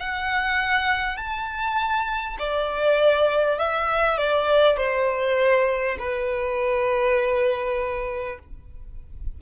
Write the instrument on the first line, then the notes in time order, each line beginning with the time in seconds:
violin
0.00 F#5
1.17 A5
2.39 D5
3.59 E5
4.18 D5
4.78 C5
5.99 B4